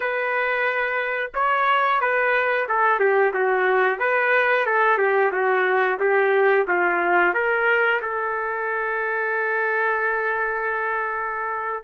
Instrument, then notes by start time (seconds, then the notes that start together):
trumpet
0.00 B4
1.34 C#5
2.00 B4
2.68 A4
2.99 G4
3.33 F#4
3.99 B4
4.65 A4
4.98 G4
5.32 F#4
5.99 G4
6.67 F4
7.34 A#4
8.01 A4